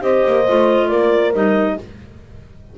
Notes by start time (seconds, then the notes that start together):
0.00 C4 G4 C5 D#5
0.27 A#3
0.48 A3 F4
0.88 A#3 A#4 D5
1.33 G3 D#4 D#5